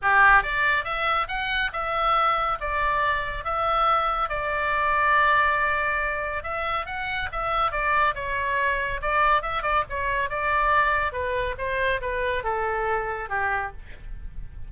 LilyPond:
\new Staff \with { instrumentName = "oboe" } { \time 4/4 \tempo 4 = 140 g'4 d''4 e''4 fis''4 | e''2 d''2 | e''2 d''2~ | d''2. e''4 |
fis''4 e''4 d''4 cis''4~ | cis''4 d''4 e''8 d''8 cis''4 | d''2 b'4 c''4 | b'4 a'2 g'4 | }